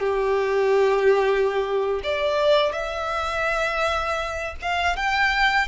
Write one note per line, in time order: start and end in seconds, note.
0.00 2.01 G4
2.03 2.72 D5
2.72 4.55 E5
4.62 4.96 F5
4.96 5.68 G5